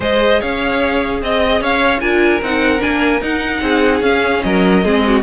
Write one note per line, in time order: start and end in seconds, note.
0.00 0.40 G#3
0.00 2.00 G#4
0.00 0.40 C5
0.00 0.41 D#5
0.40 1.22 C#4
0.40 1.20 C#5
0.40 1.22 F5
1.22 1.60 C4
1.22 1.61 D#5
1.22 1.63 D#5
1.60 2.01 C#4
1.60 1.99 C#5
1.60 2.00 F5
1.99 2.41 D4
1.99 2.41 F4
1.99 3.61 A#4
1.99 2.40 G#5
2.41 2.81 C4
2.41 2.79 D#4
2.41 2.82 F#5
2.79 3.21 A#3
2.79 3.19 D4
2.79 3.22 G#5
3.21 3.61 D#4
3.21 4.03 D#4
3.21 4.02 F#5
3.61 4.01 C4
3.61 4.43 G#4
4.01 4.41 C#4
4.01 4.83 C#4
4.01 4.42 F5
4.42 4.84 F#3
4.42 4.84 A#4
4.42 5.22 D#5
4.84 5.22 G#3
4.84 5.22 C4
4.84 5.04 G#4
5.06 5.22 F#4